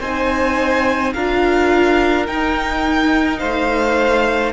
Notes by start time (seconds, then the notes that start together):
0.00 C4 D#4 C5 G#5
1.13 D4 F4 A#4 F5
2.27 D#4 G5
3.38 A3 C5 F5